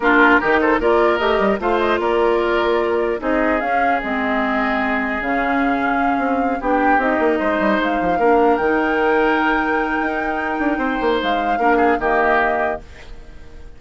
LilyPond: <<
  \new Staff \with { instrumentName = "flute" } { \time 4/4 \tempo 4 = 150 ais'4. c''8 d''4 dis''4 | f''8 dis''8 d''2. | dis''4 f''4 dis''2~ | dis''4 f''2.~ |
f''8 g''4 dis''2 f''8~ | f''4. g''2~ g''8~ | g''1 | f''2 dis''2 | }
  \new Staff \with { instrumentName = "oboe" } { \time 4/4 f'4 g'8 a'8 ais'2 | c''4 ais'2. | gis'1~ | gis'1~ |
gis'8 g'2 c''4.~ | c''8 ais'2.~ ais'8~ | ais'2. c''4~ | c''4 ais'8 gis'8 g'2 | }
  \new Staff \with { instrumentName = "clarinet" } { \time 4/4 d'4 dis'4 f'4 g'4 | f'1 | dis'4 cis'4 c'2~ | c'4 cis'2.~ |
cis'8 d'4 dis'2~ dis'8~ | dis'8 d'4 dis'2~ dis'8~ | dis'1~ | dis'4 d'4 ais2 | }
  \new Staff \with { instrumentName = "bassoon" } { \time 4/4 ais4 dis4 ais4 a8 g8 | a4 ais2. | c'4 cis'4 gis2~ | gis4 cis2~ cis8 c'8~ |
c'8 b4 c'8 ais8 gis8 g8 gis8 | f8 ais4 dis2~ dis8~ | dis4 dis'4. d'8 c'8 ais8 | gis4 ais4 dis2 | }
>>